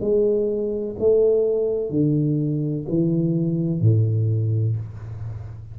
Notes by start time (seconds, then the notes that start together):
0.00 G#3
0.99 A3
1.90 D3
2.88 E3
3.81 A2